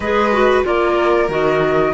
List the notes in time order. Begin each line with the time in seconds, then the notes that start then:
0.00 G#3 G#4 B4 D#5
0.32 F#4
0.64 A#3 F4 A#4 D5
1.28 D#3 F#4 D#5